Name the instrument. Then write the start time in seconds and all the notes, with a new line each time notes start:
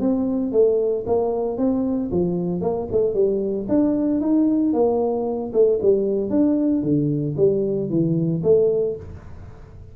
tuba
0.00 C4
0.52 A3
1.06 A#3
1.58 C4
2.11 F3
2.61 A#3
2.92 A3
3.14 G3
3.68 D4
4.21 D#4
4.73 A#3
5.53 A3
5.82 G3
6.30 D4
6.83 D3
7.37 G3
7.90 E3
8.43 A3